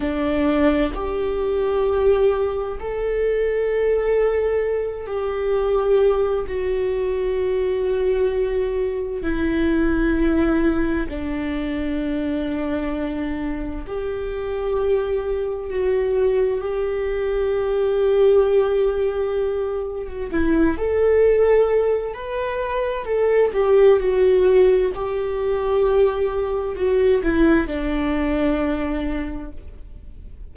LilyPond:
\new Staff \with { instrumentName = "viola" } { \time 4/4 \tempo 4 = 65 d'4 g'2 a'4~ | a'4. g'4. fis'4~ | fis'2 e'2 | d'2. g'4~ |
g'4 fis'4 g'2~ | g'4.~ g'16 fis'16 e'8 a'4. | b'4 a'8 g'8 fis'4 g'4~ | g'4 fis'8 e'8 d'2 | }